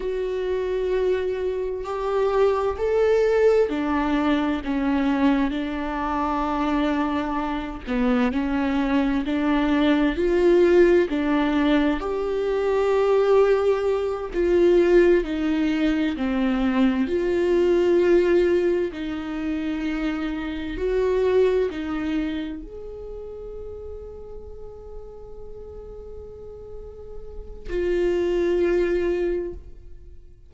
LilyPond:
\new Staff \with { instrumentName = "viola" } { \time 4/4 \tempo 4 = 65 fis'2 g'4 a'4 | d'4 cis'4 d'2~ | d'8 b8 cis'4 d'4 f'4 | d'4 g'2~ g'8 f'8~ |
f'8 dis'4 c'4 f'4.~ | f'8 dis'2 fis'4 dis'8~ | dis'8 gis'2.~ gis'8~ | gis'2 f'2 | }